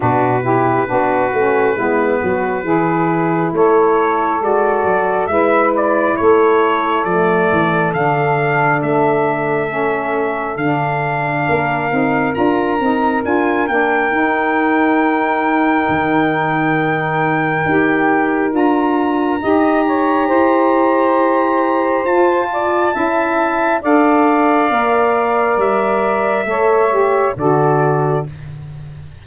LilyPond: <<
  \new Staff \with { instrumentName = "trumpet" } { \time 4/4 \tempo 4 = 68 b'1 | cis''4 d''4 e''8 d''8 cis''4 | d''4 f''4 e''2 | f''2 ais''4 gis''8 g''8~ |
g''1~ | g''4 ais''2.~ | ais''4 a''2 f''4~ | f''4 e''2 d''4 | }
  \new Staff \with { instrumentName = "saxophone" } { \time 4/4 fis'8 g'8 fis'4 e'8 fis'8 gis'4 | a'2 b'4 a'4~ | a'1~ | a'4 ais'2.~ |
ais'1~ | ais'2 dis''8 cis''8 c''4~ | c''4. d''8 e''4 d''4~ | d''2 cis''4 a'4 | }
  \new Staff \with { instrumentName = "saxophone" } { \time 4/4 d'8 e'8 d'8 cis'8 b4 e'4~ | e'4 fis'4 e'2 | a4 d'2 cis'4 | d'4. dis'8 f'8 dis'8 f'8 d'8 |
dis'1 | g'4 f'4 g'2~ | g'4 f'4 e'4 a'4 | ais'2 a'8 g'8 fis'4 | }
  \new Staff \with { instrumentName = "tuba" } { \time 4/4 b,4 b8 a8 gis8 fis8 e4 | a4 gis8 fis8 gis4 a4 | f8 e8 d4 a2 | d4 ais8 c'8 d'8 c'8 d'8 ais8 |
dis'2 dis2 | dis'4 d'4 dis'4 e'4~ | e'4 f'4 cis'4 d'4 | ais4 g4 a4 d4 | }
>>